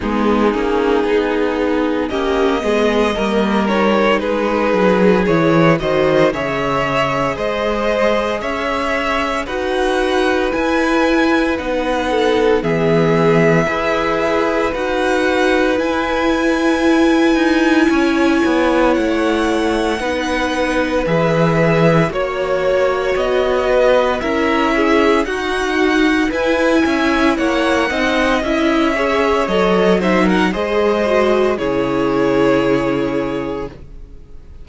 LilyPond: <<
  \new Staff \with { instrumentName = "violin" } { \time 4/4 \tempo 4 = 57 gis'2 dis''4. cis''8 | b'4 cis''8 dis''8 e''4 dis''4 | e''4 fis''4 gis''4 fis''4 | e''2 fis''4 gis''4~ |
gis''2 fis''2 | e''4 cis''4 dis''4 e''4 | fis''4 gis''4 fis''4 e''4 | dis''8 e''16 fis''16 dis''4 cis''2 | }
  \new Staff \with { instrumentName = "violin" } { \time 4/4 dis'2 g'8 gis'8 ais'4 | gis'4. c''8 cis''4 c''4 | cis''4 b'2~ b'8 a'8 | gis'4 b'2.~ |
b'4 cis''2 b'4~ | b'4 cis''4. b'8 ais'8 gis'8 | fis'4 b'8 e''8 cis''8 dis''4 cis''8~ | cis''8 c''16 ais'16 c''4 gis'2 | }
  \new Staff \with { instrumentName = "viola" } { \time 4/4 b8 cis'8 dis'4 cis'8 b8 ais8 dis'8~ | dis'4 e'8 fis'8 gis'2~ | gis'4 fis'4 e'4 dis'4 | b4 gis'4 fis'4 e'4~ |
e'2. dis'4 | gis'4 fis'2 e'4 | dis'4 e'4. dis'8 e'8 gis'8 | a'8 dis'8 gis'8 fis'8 e'2 | }
  \new Staff \with { instrumentName = "cello" } { \time 4/4 gis8 ais8 b4 ais8 gis8 g4 | gis8 fis8 e8 dis8 cis4 gis4 | cis'4 dis'4 e'4 b4 | e4 e'4 dis'4 e'4~ |
e'8 dis'8 cis'8 b8 a4 b4 | e4 ais4 b4 cis'4 | dis'4 e'8 cis'8 ais8 c'8 cis'4 | fis4 gis4 cis2 | }
>>